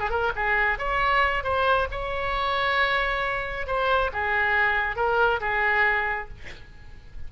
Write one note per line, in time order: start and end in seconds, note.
0.00 0.11 G#4
0.11 0.33 A#4
0.36 0.79 G#4
0.79 1.44 C#5
1.44 1.88 C5
1.92 3.67 C#5
3.67 4.11 C5
4.13 4.96 G#4
4.96 5.40 A#4
5.41 6.29 G#4